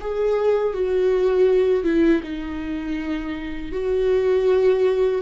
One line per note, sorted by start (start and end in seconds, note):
0.00 0.73 G#4
0.73 1.83 F#4
1.83 2.21 E4
2.23 3.72 D#4
3.72 5.21 F#4